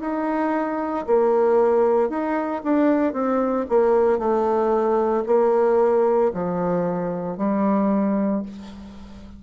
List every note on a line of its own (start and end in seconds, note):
0.00 1.05 D#4
1.06 2.09 A#3
2.09 2.62 D#4
2.64 3.13 D4
3.13 3.66 C4
3.69 4.18 A#3
4.18 5.23 A3
5.26 6.31 A#3
6.33 7.37 F3
7.37 8.42 G3